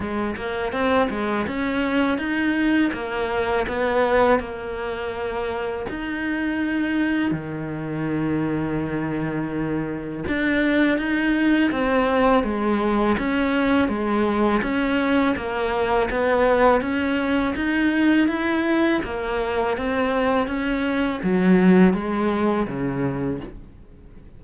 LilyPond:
\new Staff \with { instrumentName = "cello" } { \time 4/4 \tempo 4 = 82 gis8 ais8 c'8 gis8 cis'4 dis'4 | ais4 b4 ais2 | dis'2 dis2~ | dis2 d'4 dis'4 |
c'4 gis4 cis'4 gis4 | cis'4 ais4 b4 cis'4 | dis'4 e'4 ais4 c'4 | cis'4 fis4 gis4 cis4 | }